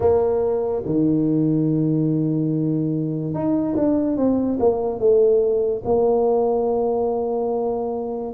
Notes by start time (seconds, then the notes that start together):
0.00 A#3
0.85 D#3
3.34 D#4
3.75 D4
4.17 C4
4.59 A#3
4.99 A3
5.84 A#3